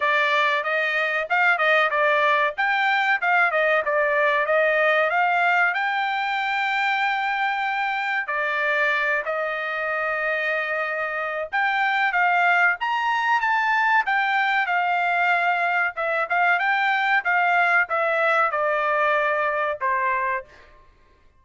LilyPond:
\new Staff \with { instrumentName = "trumpet" } { \time 4/4 \tempo 4 = 94 d''4 dis''4 f''8 dis''8 d''4 | g''4 f''8 dis''8 d''4 dis''4 | f''4 g''2.~ | g''4 d''4. dis''4.~ |
dis''2 g''4 f''4 | ais''4 a''4 g''4 f''4~ | f''4 e''8 f''8 g''4 f''4 | e''4 d''2 c''4 | }